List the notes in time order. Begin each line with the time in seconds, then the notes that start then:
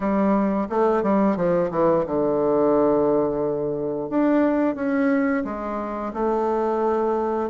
0.00 G3
0.69 A3
1.02 G3
1.36 F3
1.70 E3
2.05 D3
4.09 D4
4.75 C#4
5.44 G#3
6.13 A3